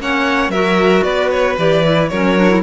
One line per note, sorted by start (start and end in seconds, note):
0.00 0.49 A#3
0.00 0.53 C#4
0.00 0.52 C#5
0.00 0.51 F#5
0.49 1.02 F#3
0.49 1.59 F#4
0.49 1.04 A#4
0.49 1.04 E5
1.04 1.57 B3
1.04 2.10 B4
1.04 1.30 D5
1.31 1.57 C#5
1.58 2.11 E3
1.58 1.84 G4
1.58 2.09 D5
1.84 2.11 E4
2.09 2.63 F#3
2.09 2.37 C#4
2.09 2.63 A#4
2.09 2.62 C#5
2.37 2.50 D4
2.50 2.63 E4